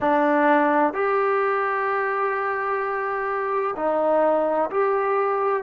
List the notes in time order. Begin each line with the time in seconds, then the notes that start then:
0.00 D4
0.93 G4
3.76 D#4
4.70 G4